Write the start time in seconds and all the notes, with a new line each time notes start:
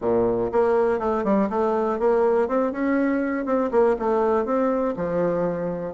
0.01 A#2
0.52 A#3
0.99 A3
1.24 G3
1.49 A3
1.99 A#3
2.47 C4
2.72 C#4
3.45 C4
3.71 A#3
3.98 A3
4.45 C4
4.96 F3